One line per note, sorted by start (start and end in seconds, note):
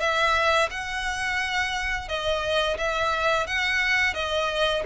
0.00 0.69 E5
0.70 2.08 F#5
2.08 2.77 D#5
2.77 3.46 E5
3.47 4.14 F#5
4.14 4.83 D#5